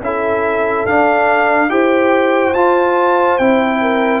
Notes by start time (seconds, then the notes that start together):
0.00 C#4 E4 A4 E5
0.85 D4 F5
1.69 E4 G4 C5 G5
2.53 F4 A5
3.38 C4 E4 G5
3.80 A#4